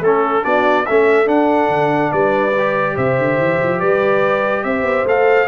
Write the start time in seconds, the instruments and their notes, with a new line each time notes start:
0.00 tuba A3, trombone C#4, horn A4, trumpet A4
0.42 tuba B3, trombone D4, horn F#4, trumpet D5
0.85 tuba A3, trombone C#4, horn A4, trumpet E5
1.26 trombone D4, tuba D4, trumpet F#5
1.68 tuba D3
2.12 tuba G3, horn B4, trumpet D5
2.58 trombone G4
2.95 tuba C3, horn C5, trumpet E5
3.18 tuba D3
3.38 tuba E3
3.63 tuba F3
3.79 tuba G3, horn B4, trumpet D5
4.64 tuba C4, horn C5, trumpet E5
4.82 tuba B3
5.04 tuba A3, trombone A4, trumpet F5